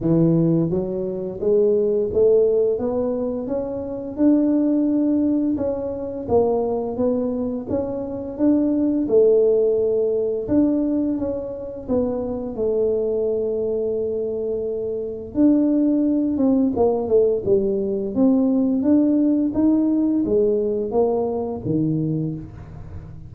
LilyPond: \new Staff \with { instrumentName = "tuba" } { \time 4/4 \tempo 4 = 86 e4 fis4 gis4 a4 | b4 cis'4 d'2 | cis'4 ais4 b4 cis'4 | d'4 a2 d'4 |
cis'4 b4 a2~ | a2 d'4. c'8 | ais8 a8 g4 c'4 d'4 | dis'4 gis4 ais4 dis4 | }